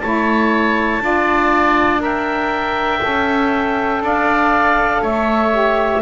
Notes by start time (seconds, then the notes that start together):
0.00 A3 E4 C#5 A5
1.00 D4 F4 D5
1.99 A#4 E5 G5
3.02 C#4 A4
4.01 D4 D5 F5
5.02 A3 C#5 E5
5.51 G4